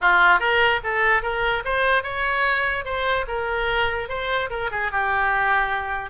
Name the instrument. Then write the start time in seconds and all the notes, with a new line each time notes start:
oboe
0.01 F4
0.39 A#4
0.83 A4
1.22 A#4
1.64 C5
2.03 C#5
2.84 C5
3.27 A#4
4.08 C5
4.49 A#4
4.71 G#4
4.91 G4